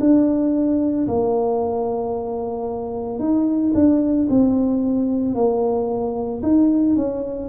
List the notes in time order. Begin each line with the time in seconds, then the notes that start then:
0.00 D4
1.08 A#3
3.19 D#4
3.75 D4
4.30 C4
5.35 A#3
6.42 D#4
6.96 C#4